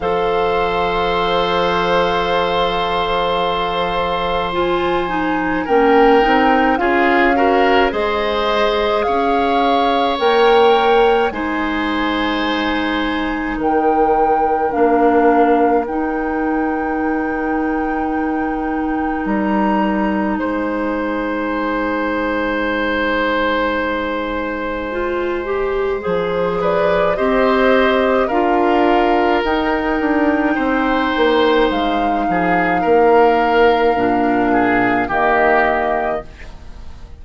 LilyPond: <<
  \new Staff \with { instrumentName = "flute" } { \time 4/4 \tempo 4 = 53 f''1 | gis''4 g''4 f''4 dis''4 | f''4 g''4 gis''2 | g''4 f''4 g''2~ |
g''4 ais''4 gis''2~ | gis''2. c''8 d''8 | dis''4 f''4 g''2 | f''2. dis''4 | }
  \new Staff \with { instrumentName = "oboe" } { \time 4/4 c''1~ | c''4 ais'4 gis'8 ais'8 c''4 | cis''2 c''2 | ais'1~ |
ais'2 c''2~ | c''2.~ c''8 b'8 | c''4 ais'2 c''4~ | c''8 gis'8 ais'4. gis'8 g'4 | }
  \new Staff \with { instrumentName = "clarinet" } { \time 4/4 a'1 | f'8 dis'8 cis'8 dis'8 f'8 fis'8 gis'4~ | gis'4 ais'4 dis'2~ | dis'4 d'4 dis'2~ |
dis'1~ | dis'2 f'8 g'8 gis'4 | g'4 f'4 dis'2~ | dis'2 d'4 ais4 | }
  \new Staff \with { instrumentName = "bassoon" } { \time 4/4 f1~ | f4 ais8 c'8 cis'4 gis4 | cis'4 ais4 gis2 | dis4 ais4 dis'2~ |
dis'4 g4 gis2~ | gis2. f4 | c'4 d'4 dis'8 d'8 c'8 ais8 | gis8 f8 ais4 ais,4 dis4 | }
>>